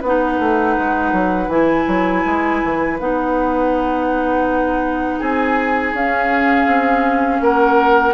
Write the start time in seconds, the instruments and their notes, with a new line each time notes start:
0.00 bassoon B3, clarinet D#4, oboe B4, flute F#5
0.39 bassoon A3
0.78 bassoon G#3
1.12 bassoon F#3
1.47 bassoon E3, clarinet E4, flute G#5
1.87 bassoon F#3
2.25 bassoon G#3
2.63 bassoon E3
2.99 bassoon B3, clarinet D#4, flute F#5
5.19 bassoon C4, oboe G#4, flute G#5
5.93 bassoon C#4, clarinet C#4, flute F5
6.66 bassoon C4
7.40 bassoon A#3, oboe A#4, flute F#5